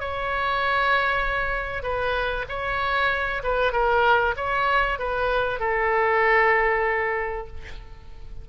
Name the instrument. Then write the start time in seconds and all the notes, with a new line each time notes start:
oboe
0.00 C#5
1.83 B4
2.49 C#5
3.43 B4
3.73 A#4
4.37 C#5
4.99 B4
5.60 A4